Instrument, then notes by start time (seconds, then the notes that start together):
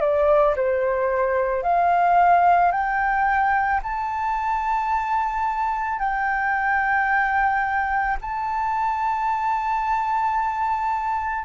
flute
0.00 D5
0.56 C5
1.63 F5
2.71 G5
3.82 A5
5.99 G5
8.21 A5